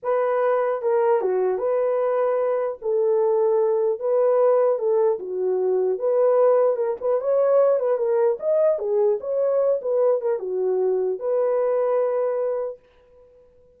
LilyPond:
\new Staff \with { instrumentName = "horn" } { \time 4/4 \tempo 4 = 150 b'2 ais'4 fis'4 | b'2. a'4~ | a'2 b'2 | a'4 fis'2 b'4~ |
b'4 ais'8 b'8 cis''4. b'8 | ais'4 dis''4 gis'4 cis''4~ | cis''8 b'4 ais'8 fis'2 | b'1 | }